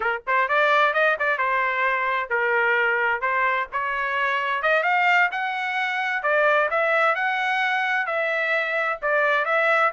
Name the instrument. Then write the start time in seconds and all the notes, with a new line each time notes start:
trumpet
0.00 A#4
0.26 C5
0.48 D5
0.93 D#5
1.19 D5
1.38 C5
2.29 A#4
3.21 C5
3.72 C#5
4.62 D#5
4.83 F5
5.31 F#5
6.23 D5
6.70 E5
7.15 F#5
8.06 E5
9.01 D5
9.45 E5